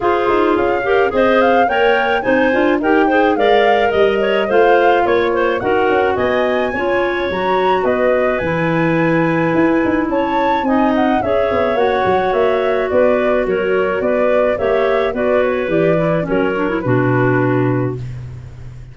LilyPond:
<<
  \new Staff \with { instrumentName = "flute" } { \time 4/4 \tempo 4 = 107 c''4 f''4 dis''8 f''8 g''4 | gis''4 g''4 f''4 dis''4 | f''4 cis''4 fis''4 gis''4~ | gis''4 ais''4 dis''4 gis''4~ |
gis''2 a''4 gis''8 fis''8 | e''4 fis''4 e''4 d''4 | cis''4 d''4 e''4 d''8 cis''8 | d''4 cis''4 b'2 | }
  \new Staff \with { instrumentName = "clarinet" } { \time 4/4 gis'4. ais'8 c''4 cis''4 | c''4 ais'8 c''8 d''4 dis''8 cis''8 | c''4 cis''8 c''8 ais'4 dis''4 | cis''2 b'2~ |
b'2 cis''4 dis''4 | cis''2. b'4 | ais'4 b'4 cis''4 b'4~ | b'4 ais'4 fis'2 | }
  \new Staff \with { instrumentName = "clarinet" } { \time 4/4 f'4. g'8 gis'4 ais'4 | dis'8 f'8 g'8 gis'8 ais'2 | f'2 fis'2 | f'4 fis'2 e'4~ |
e'2. dis'4 | gis'4 fis'2.~ | fis'2 g'4 fis'4 | g'8 e'8 cis'8 d'16 e'16 d'2 | }
  \new Staff \with { instrumentName = "tuba" } { \time 4/4 f'8 dis'8 cis'4 c'4 ais4 | c'8 d'8 dis'4 gis4 g4 | a4 ais4 dis'8 cis'8 b4 | cis'4 fis4 b4 e4~ |
e4 e'8 dis'8 cis'4 c'4 | cis'8 b8 ais8 fis8 ais4 b4 | fis4 b4 ais4 b4 | e4 fis4 b,2 | }
>>